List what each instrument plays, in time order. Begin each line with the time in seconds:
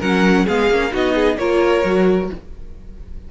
0.00 cello F#3, viola C#4, violin A#4 F#5
0.46 cello G#3, viola B3, violin G#4 F5
0.71 cello A#3, viola C#4
0.91 cello B3, viola D#4, violin F#4 D#5
1.15 violin G#4
1.37 cello A#3, viola F4, violin A#4 C#5
1.85 cello F#3, viola F#4